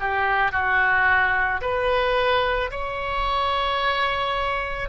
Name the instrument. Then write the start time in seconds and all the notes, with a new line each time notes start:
oboe
0.00 G4
0.52 F#4
1.61 B4
2.71 C#5